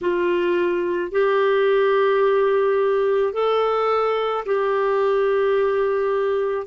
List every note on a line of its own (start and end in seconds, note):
0.01 1.11 F4
1.11 3.33 G4
3.33 4.44 A4
4.45 6.67 G4